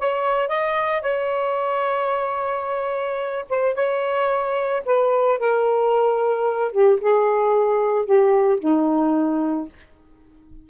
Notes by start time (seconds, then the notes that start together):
0.00 C#5
0.48 D#5
1.02 C#5
3.50 C5
3.75 C#5
4.86 B4
5.40 A#4
6.72 G4
7.01 G#4
8.06 G4
8.60 D#4